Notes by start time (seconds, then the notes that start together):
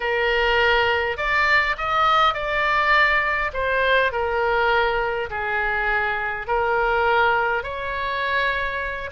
0.00 A#4
1.17 D5
1.77 D#5
2.34 D5
3.53 C5
4.11 A#4
5.29 G#4
6.47 A#4
7.63 C#5